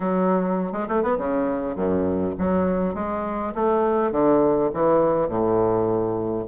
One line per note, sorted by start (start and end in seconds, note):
0.00 0.72 F#3
0.72 0.87 G#3
0.88 1.02 A3
1.02 1.17 B3
1.18 1.75 C#3
1.75 2.34 F#2
2.38 2.94 F#3
2.94 3.53 G#3
3.54 4.11 A3
4.11 4.70 D3
4.73 5.28 E3
5.28 6.45 A2